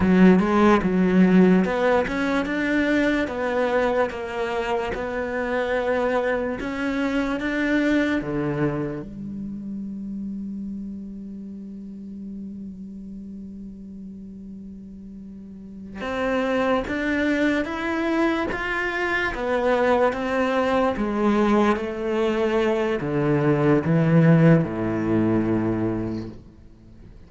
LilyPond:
\new Staff \with { instrumentName = "cello" } { \time 4/4 \tempo 4 = 73 fis8 gis8 fis4 b8 cis'8 d'4 | b4 ais4 b2 | cis'4 d'4 d4 g4~ | g1~ |
g2.~ g8 c'8~ | c'8 d'4 e'4 f'4 b8~ | b8 c'4 gis4 a4. | d4 e4 a,2 | }